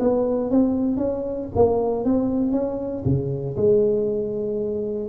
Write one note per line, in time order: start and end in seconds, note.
0.00 0.51 B3
0.51 0.97 C4
0.97 1.48 C#4
1.56 2.05 A#3
2.05 2.52 C4
2.52 3.03 C#4
3.05 3.56 C#3
3.57 5.10 G#3